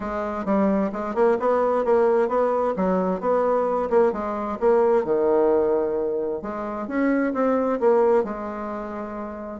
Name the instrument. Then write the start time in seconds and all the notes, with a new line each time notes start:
bassoon
0.00 G#3
0.45 G3
0.92 G#3
1.14 A#3
1.39 B3
1.84 A#3
2.28 B3
2.76 F#3
3.20 B3
3.90 A#3
4.12 G#3
4.60 A#3
5.04 D#3
6.42 G#3
6.87 C#4
7.33 C4
7.80 A#3
8.23 G#3